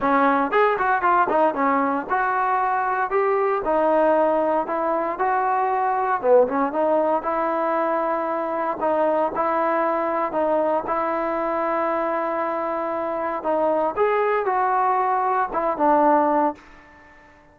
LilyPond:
\new Staff \with { instrumentName = "trombone" } { \time 4/4 \tempo 4 = 116 cis'4 gis'8 fis'8 f'8 dis'8 cis'4 | fis'2 g'4 dis'4~ | dis'4 e'4 fis'2 | b8 cis'8 dis'4 e'2~ |
e'4 dis'4 e'2 | dis'4 e'2.~ | e'2 dis'4 gis'4 | fis'2 e'8 d'4. | }